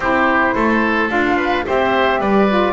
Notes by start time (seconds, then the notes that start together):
0.00 C4 E4 G4 C5
0.54 A3 A4
1.08 D4 F4 F5
1.37 B4
1.65 C4 G4 C5 E5
2.19 G3 B4 D5
2.48 F4